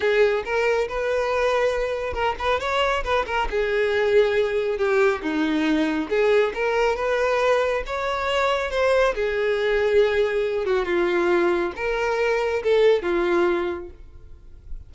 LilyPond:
\new Staff \with { instrumentName = "violin" } { \time 4/4 \tempo 4 = 138 gis'4 ais'4 b'2~ | b'4 ais'8 b'8 cis''4 b'8 ais'8 | gis'2. g'4 | dis'2 gis'4 ais'4 |
b'2 cis''2 | c''4 gis'2.~ | gis'8 fis'8 f'2 ais'4~ | ais'4 a'4 f'2 | }